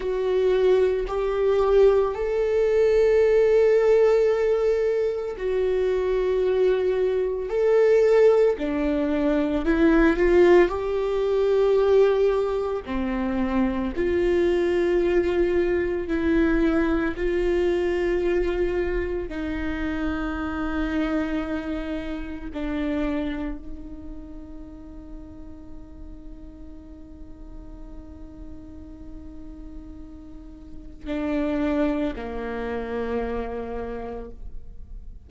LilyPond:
\new Staff \with { instrumentName = "viola" } { \time 4/4 \tempo 4 = 56 fis'4 g'4 a'2~ | a'4 fis'2 a'4 | d'4 e'8 f'8 g'2 | c'4 f'2 e'4 |
f'2 dis'2~ | dis'4 d'4 dis'2~ | dis'1~ | dis'4 d'4 ais2 | }